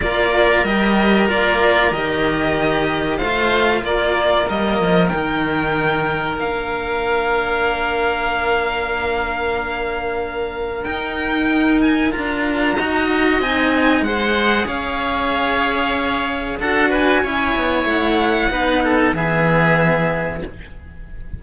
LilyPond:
<<
  \new Staff \with { instrumentName = "violin" } { \time 4/4 \tempo 4 = 94 d''4 dis''4 d''4 dis''4~ | dis''4 f''4 d''4 dis''4 | g''2 f''2~ | f''1~ |
f''4 g''4. gis''8 ais''4~ | ais''4 gis''4 fis''4 f''4~ | f''2 fis''8 gis''4. | fis''2 e''2 | }
  \new Staff \with { instrumentName = "oboe" } { \time 4/4 ais'1~ | ais'4 c''4 ais'2~ | ais'1~ | ais'1~ |
ais'1 | dis''2 c''4 cis''4~ | cis''2 a'8 b'8 cis''4~ | cis''4 b'8 a'8 gis'2 | }
  \new Staff \with { instrumentName = "cello" } { \time 4/4 f'4 g'4 f'4 g'4~ | g'4 f'2 ais4 | dis'2 d'2~ | d'1~ |
d'4 dis'2 f'4 | fis'4 dis'4 gis'2~ | gis'2 fis'4 e'4~ | e'4 dis'4 b2 | }
  \new Staff \with { instrumentName = "cello" } { \time 4/4 ais4 g4 ais4 dis4~ | dis4 a4 ais4 g8 f8 | dis2 ais2~ | ais1~ |
ais4 dis'2 d'4 | dis'4 c'4 gis4 cis'4~ | cis'2 d'4 cis'8 b8 | a4 b4 e2 | }
>>